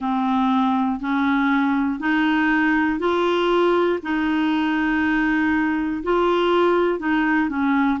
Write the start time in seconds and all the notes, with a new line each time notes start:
0.00 C4
1.00 C#4
2.00 D#4
2.99 F4
4.02 D#4
6.03 F4
6.99 D#4
7.49 C#4